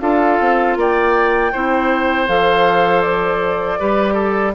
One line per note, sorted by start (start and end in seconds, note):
0.00 0.39 D4
0.00 1.52 F4
0.00 0.78 A4
0.00 0.77 F5
0.40 0.76 C4
0.76 1.52 A#3
0.76 1.52 D5
0.76 2.28 G5
1.52 2.28 C4
1.52 2.28 E4
1.52 3.79 C5
2.28 3.80 F3
2.28 3.79 A4
2.28 3.01 F5
3.01 4.53 D5
3.79 4.55 G3
3.79 4.55 G4
3.79 4.14 B4
4.14 4.52 A4